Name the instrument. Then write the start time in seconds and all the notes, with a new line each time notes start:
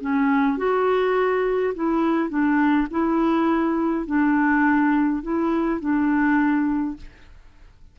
clarinet
0.00 C#4
0.57 F#4
1.75 E4
2.29 D4
2.90 E4
4.06 D4
5.23 E4
5.80 D4